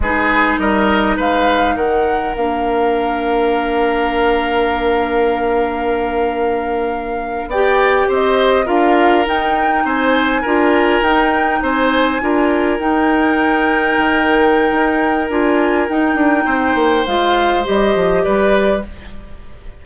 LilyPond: <<
  \new Staff \with { instrumentName = "flute" } { \time 4/4 \tempo 4 = 102 b'4 dis''4 f''4 fis''4 | f''1~ | f''1~ | f''8. g''4 dis''4 f''4 g''16~ |
g''8. gis''2 g''4 gis''16~ | gis''4.~ gis''16 g''2~ g''16~ | g''2 gis''4 g''4~ | g''4 f''4 dis''4 d''4 | }
  \new Staff \with { instrumentName = "oboe" } { \time 4/4 gis'4 ais'4 b'4 ais'4~ | ais'1~ | ais'1~ | ais'8. d''4 c''4 ais'4~ ais'16~ |
ais'8. c''4 ais'2 c''16~ | c''8. ais'2.~ ais'16~ | ais'1 | c''2. b'4 | }
  \new Staff \with { instrumentName = "clarinet" } { \time 4/4 dis'1 | d'1~ | d'1~ | d'8. g'2 f'4 dis'16~ |
dis'4.~ dis'16 f'4 dis'4~ dis'16~ | dis'8. f'4 dis'2~ dis'16~ | dis'2 f'4 dis'4~ | dis'4 f'4 g'2 | }
  \new Staff \with { instrumentName = "bassoon" } { \time 4/4 gis4 g4 gis4 dis4 | ais1~ | ais1~ | ais8. b4 c'4 d'4 dis'16~ |
dis'8. c'4 d'4 dis'4 c'16~ | c'8. d'4 dis'2 dis16~ | dis4 dis'4 d'4 dis'8 d'8 | c'8 ais8 gis4 g8 f8 g4 | }
>>